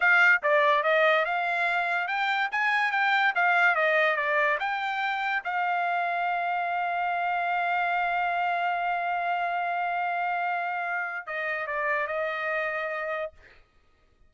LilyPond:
\new Staff \with { instrumentName = "trumpet" } { \time 4/4 \tempo 4 = 144 f''4 d''4 dis''4 f''4~ | f''4 g''4 gis''4 g''4 | f''4 dis''4 d''4 g''4~ | g''4 f''2.~ |
f''1~ | f''1~ | f''2. dis''4 | d''4 dis''2. | }